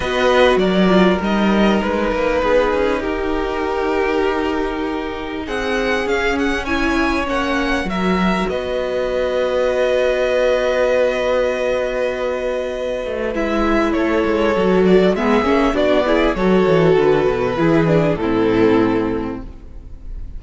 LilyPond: <<
  \new Staff \with { instrumentName = "violin" } { \time 4/4 \tempo 4 = 99 dis''4 d''4 dis''4 b'4~ | b'4 ais'2.~ | ais'4 fis''4 f''8 fis''8 gis''4 | fis''4 e''4 dis''2~ |
dis''1~ | dis''2 e''4 cis''4~ | cis''8 d''8 e''4 d''4 cis''4 | b'2 a'2 | }
  \new Staff \with { instrumentName = "violin" } { \time 4/4 b'4 ais'2. | gis'4 g'2.~ | g'4 gis'2 cis''4~ | cis''4 ais'4 b'2~ |
b'1~ | b'2. a'4~ | a'4 gis'4 fis'8 gis'8 a'4~ | a'4 gis'4 e'2 | }
  \new Staff \with { instrumentName = "viola" } { \time 4/4 fis'4. f'8 dis'2~ | dis'1~ | dis'2 cis'4 e'4 | cis'4 fis'2.~ |
fis'1~ | fis'2 e'2 | fis'4 b8 cis'8 d'8 e'8 fis'4~ | fis'4 e'8 d'8 c'2 | }
  \new Staff \with { instrumentName = "cello" } { \time 4/4 b4 fis4 g4 gis8 ais8 | b8 cis'8 dis'2.~ | dis'4 c'4 cis'2 | ais4 fis4 b2~ |
b1~ | b4. a8 gis4 a8 gis8 | fis4 gis8 ais8 b4 fis8 e8 | d8 b,8 e4 a,2 | }
>>